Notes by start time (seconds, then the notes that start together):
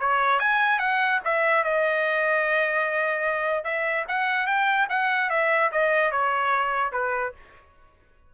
0.00 C#5
0.40 G#5
0.79 F#5
1.25 E5
1.64 D#5
3.65 E5
4.09 F#5
4.47 G5
4.90 F#5
5.30 E5
5.72 D#5
6.12 C#5
6.92 B4